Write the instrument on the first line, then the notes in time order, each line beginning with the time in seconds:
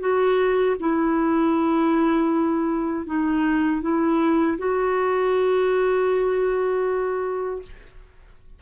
clarinet
0.00 F#4
0.79 E4
3.06 D#4
3.81 E4
4.58 F#4